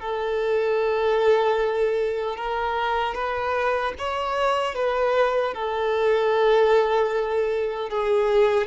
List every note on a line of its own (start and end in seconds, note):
0.00 2.37 A4
2.37 3.15 A#4
3.15 3.94 B4
3.99 4.75 C#5
4.75 5.54 B4
5.54 7.90 A4
7.90 8.68 G#4